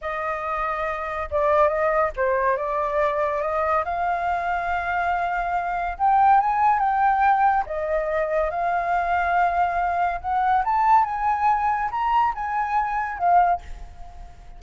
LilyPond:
\new Staff \with { instrumentName = "flute" } { \time 4/4 \tempo 4 = 141 dis''2. d''4 | dis''4 c''4 d''2 | dis''4 f''2.~ | f''2 g''4 gis''4 |
g''2 dis''2 | f''1 | fis''4 a''4 gis''2 | ais''4 gis''2 f''4 | }